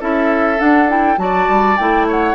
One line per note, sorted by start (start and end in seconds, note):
0.00 0.60 C#4
0.00 0.57 E4
0.00 1.19 A4
0.00 0.60 E5
0.57 0.87 D4
0.57 1.17 D4
0.57 0.89 F#5
0.87 1.16 E4
0.87 1.17 G5
1.16 1.47 F#3
1.16 1.76 F#4
1.16 2.07 D5
1.16 1.76 A5
1.48 1.78 G3
1.76 2.35 A3
1.76 2.35 E4
1.76 2.06 G5
2.07 2.35 C#5
2.07 2.35 F#5